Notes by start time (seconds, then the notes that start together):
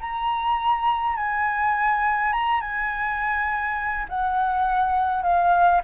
0.00 A#5
1.16 G#5
2.32 A#5
2.61 G#5
4.09 F#5
5.23 F5